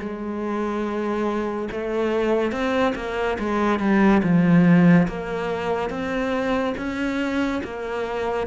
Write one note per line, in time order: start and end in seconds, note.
0.00 1.69 G#3
1.72 2.52 A3
2.52 2.94 C4
2.96 3.38 A#3
3.39 3.80 G#3
3.80 4.22 G3
4.23 5.08 F3
5.08 5.90 A#3
5.90 6.75 C4
6.78 7.62 C#4
7.64 8.47 A#3